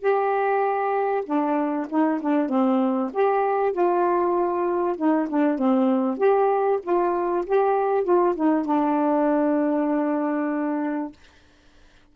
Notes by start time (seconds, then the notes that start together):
0.00 G4
1.25 D4
1.89 D#4
2.21 D4
2.49 C4
3.13 G4
3.72 F4
4.97 D#4
5.29 D4
5.58 C4
6.17 G4
6.82 F4
7.46 G4
8.04 F4
8.35 D#4
8.65 D4